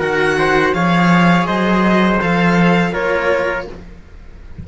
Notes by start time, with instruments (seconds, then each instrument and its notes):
0.00 cello D#3 F#4, trumpet A#4, violin F#5
0.39 trumpet C5
0.73 cello F3 G#4, trumpet C#5, violin F5
1.47 cello F#3, trumpet C5, violin D#5
2.21 cello F3 A4, violin F5
2.93 cello A#3 F4, trumpet A#4, violin C#5